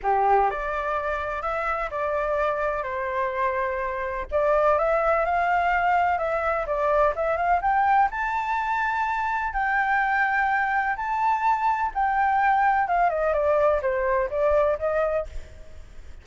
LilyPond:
\new Staff \with { instrumentName = "flute" } { \time 4/4 \tempo 4 = 126 g'4 d''2 e''4 | d''2 c''2~ | c''4 d''4 e''4 f''4~ | f''4 e''4 d''4 e''8 f''8 |
g''4 a''2. | g''2. a''4~ | a''4 g''2 f''8 dis''8 | d''4 c''4 d''4 dis''4 | }